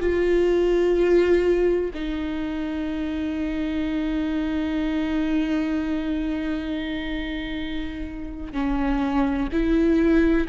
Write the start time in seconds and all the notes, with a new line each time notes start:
0.00 F4
1.94 D#4
8.53 C#4
9.52 E4